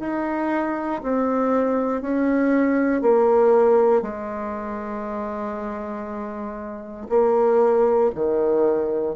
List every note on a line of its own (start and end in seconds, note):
0.00 1.02 D#4
1.03 2.02 C4
2.02 3.02 C#4
3.02 4.03 A#3
4.03 7.08 G#3
7.10 8.11 A#3
8.15 9.16 D#3